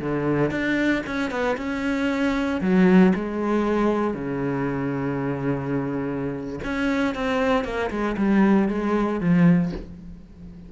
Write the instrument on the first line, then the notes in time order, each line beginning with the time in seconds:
cello
0.00 D3
0.51 D4
1.07 C#4
1.31 B3
1.57 C#4
2.61 F#3
3.15 G#3
4.14 C#3
6.64 C#4
7.14 C4
7.64 A#3
7.90 G#3
8.17 G3
8.68 G#3
9.20 F3